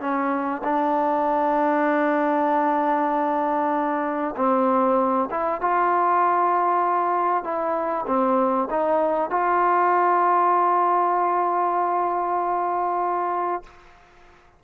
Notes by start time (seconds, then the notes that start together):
0.00 C#4
0.64 D4
4.36 C4
5.31 E4
5.61 F4
7.44 E4
8.07 C4
8.70 D#4
9.30 F4